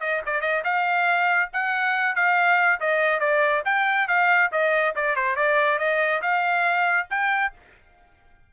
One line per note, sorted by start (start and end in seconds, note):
0.00 0.21 D#5
0.26 0.41 D5
0.41 0.62 D#5
0.64 1.50 F5
1.53 2.15 F#5
2.15 2.80 F5
2.80 3.19 D#5
3.19 3.62 D5
3.65 4.08 G5
4.08 4.50 F5
4.52 4.94 D#5
4.95 5.15 D5
5.15 5.35 C5
5.35 5.78 D5
5.78 6.21 D#5
6.22 7.07 F5
7.10 7.53 G5